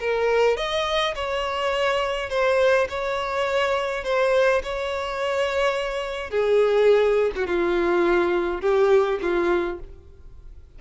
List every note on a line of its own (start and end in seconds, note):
0.00 0.57 A#4
0.57 1.15 D#5
1.15 2.30 C#5
2.30 2.88 C5
2.90 4.04 C#5
4.04 4.62 C5
4.63 6.31 C#5
6.31 7.32 G#4
7.36 7.47 F#4
7.47 8.61 F4
8.61 9.19 G4
9.22 9.79 F4